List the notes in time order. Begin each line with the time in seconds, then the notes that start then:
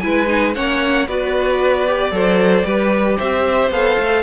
0.00 G#3 E4 B4 G#5
0.28 D#4
0.54 A#3 C#4 C#5 F#5
1.08 B3 F#4 B4 D5
1.87 G4
2.12 F#3 A4 C5
2.65 G3 G4 B4
3.18 C4 C5 E5
3.71 B3 A4 F5
3.99 A3